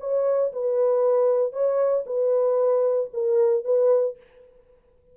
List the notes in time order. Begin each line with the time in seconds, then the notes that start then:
0.00 C#5
0.52 B4
1.53 C#5
2.06 B4
3.13 A#4
3.65 B4